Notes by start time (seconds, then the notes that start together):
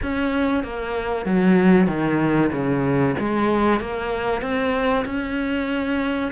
0.02 C#4
0.63 A#3
1.25 F#3
1.87 D#3
2.51 C#3
3.19 G#3
3.80 A#3
4.41 C4
5.05 C#4